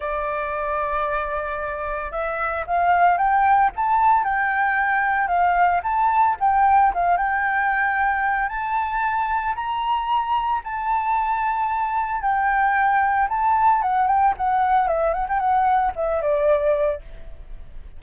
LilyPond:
\new Staff \with { instrumentName = "flute" } { \time 4/4 \tempo 4 = 113 d''1 | e''4 f''4 g''4 a''4 | g''2 f''4 a''4 | g''4 f''8 g''2~ g''8 |
a''2 ais''2 | a''2. g''4~ | g''4 a''4 fis''8 g''8 fis''4 | e''8 fis''16 g''16 fis''4 e''8 d''4. | }